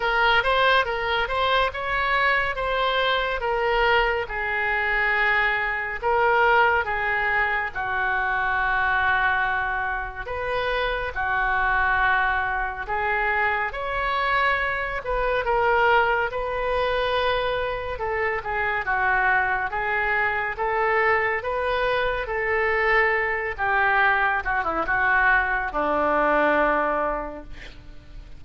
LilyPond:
\new Staff \with { instrumentName = "oboe" } { \time 4/4 \tempo 4 = 70 ais'8 c''8 ais'8 c''8 cis''4 c''4 | ais'4 gis'2 ais'4 | gis'4 fis'2. | b'4 fis'2 gis'4 |
cis''4. b'8 ais'4 b'4~ | b'4 a'8 gis'8 fis'4 gis'4 | a'4 b'4 a'4. g'8~ | g'8 fis'16 e'16 fis'4 d'2 | }